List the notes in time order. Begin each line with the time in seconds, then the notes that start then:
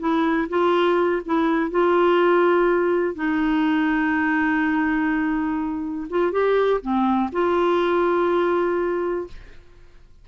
0.00 E4
0.50 F4
1.26 E4
1.71 F4
3.16 D#4
6.10 F4
6.32 G4
6.82 C4
7.33 F4